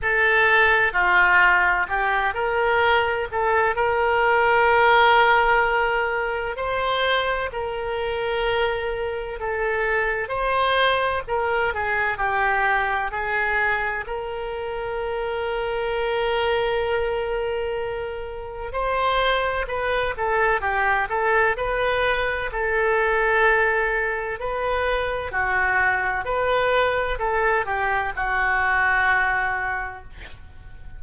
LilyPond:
\new Staff \with { instrumentName = "oboe" } { \time 4/4 \tempo 4 = 64 a'4 f'4 g'8 ais'4 a'8 | ais'2. c''4 | ais'2 a'4 c''4 | ais'8 gis'8 g'4 gis'4 ais'4~ |
ais'1 | c''4 b'8 a'8 g'8 a'8 b'4 | a'2 b'4 fis'4 | b'4 a'8 g'8 fis'2 | }